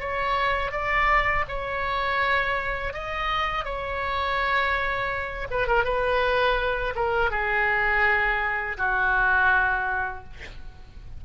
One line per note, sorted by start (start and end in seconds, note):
0.00 0.72 C#5
0.72 1.45 D5
1.48 2.93 C#5
2.93 3.65 D#5
3.65 5.48 C#5
5.51 5.67 B4
5.67 5.84 A#4
5.84 6.94 B4
6.96 7.31 A#4
7.31 8.77 G#4
8.78 10.24 F#4